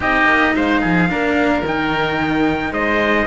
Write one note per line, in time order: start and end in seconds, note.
0.00 0.24 C4
0.00 1.07 D#4
0.00 0.54 G4
0.00 0.55 D#5
0.24 0.52 A#3
0.55 0.82 G#3
0.55 0.80 C5
0.55 1.64 F5
0.80 1.11 F3
0.80 1.08 G#4
1.08 1.62 A#3
1.08 1.62 D4
1.08 2.72 A#4
1.62 2.71 D#3
1.62 3.27 D#4
1.62 2.73 G5
2.71 3.26 G#3
2.71 3.27 C5
2.71 3.27 D#5